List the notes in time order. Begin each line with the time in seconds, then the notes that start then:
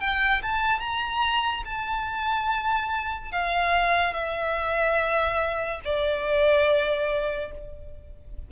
0.00 G5
0.42 A5
0.80 A#5
1.65 A5
3.32 F5
4.14 E5
5.84 D5